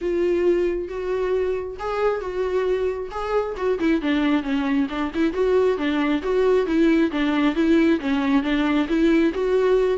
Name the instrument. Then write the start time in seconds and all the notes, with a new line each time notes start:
viola
0.01 F4
0.88 F#4
1.79 G#4
2.20 F#4
3.11 G#4
3.56 F#4
3.79 E4
4.01 D4
4.42 C#4
4.89 D4
5.14 E4
5.33 F#4
5.77 D4
6.22 F#4
6.66 E4
7.11 D4
7.55 E4
8.00 C#4
8.42 D4
8.88 E4
9.33 F#4